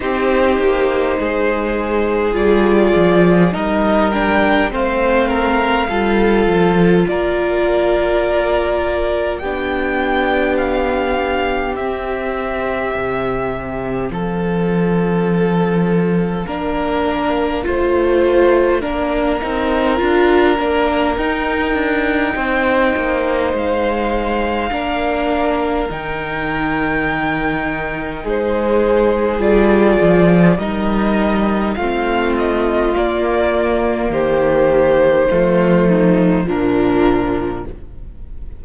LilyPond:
<<
  \new Staff \with { instrumentName = "violin" } { \time 4/4 \tempo 4 = 51 c''2 d''4 dis''8 g''8 | f''2 d''2 | g''4 f''4 e''2 | f''1~ |
f''2 g''2 | f''2 g''2 | c''4 d''4 dis''4 f''8 dis''8 | d''4 c''2 ais'4 | }
  \new Staff \with { instrumentName = "violin" } { \time 4/4 g'4 gis'2 ais'4 | c''8 ais'8 a'4 ais'2 | g'1 | a'2 ais'4 c''4 |
ais'2. c''4~ | c''4 ais'2. | gis'2 ais'4 f'4~ | f'4 g'4 f'8 dis'8 d'4 | }
  \new Staff \with { instrumentName = "viola" } { \time 4/4 dis'2 f'4 dis'8 d'8 | c'4 f'2. | d'2 c'2~ | c'2 d'4 f'4 |
d'8 dis'8 f'8 d'8 dis'2~ | dis'4 d'4 dis'2~ | dis'4 f'4 dis'4 c'4 | ais2 a4 f4 | }
  \new Staff \with { instrumentName = "cello" } { \time 4/4 c'8 ais8 gis4 g8 f8 g4 | a4 g8 f8 ais2 | b2 c'4 c4 | f2 ais4 a4 |
ais8 c'8 d'8 ais8 dis'8 d'8 c'8 ais8 | gis4 ais4 dis2 | gis4 g8 f8 g4 a4 | ais4 dis4 f4 ais,4 | }
>>